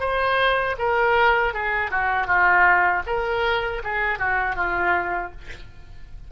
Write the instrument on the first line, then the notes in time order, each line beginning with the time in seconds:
oboe
0.00 C5
0.79 A#4
1.54 G#4
1.91 F#4
2.27 F4
3.07 A#4
3.84 G#4
4.19 F#4
4.56 F4